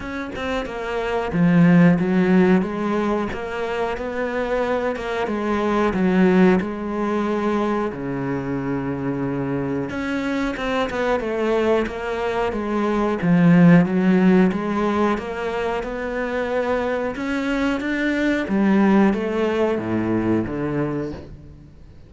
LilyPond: \new Staff \with { instrumentName = "cello" } { \time 4/4 \tempo 4 = 91 cis'8 c'8 ais4 f4 fis4 | gis4 ais4 b4. ais8 | gis4 fis4 gis2 | cis2. cis'4 |
c'8 b8 a4 ais4 gis4 | f4 fis4 gis4 ais4 | b2 cis'4 d'4 | g4 a4 a,4 d4 | }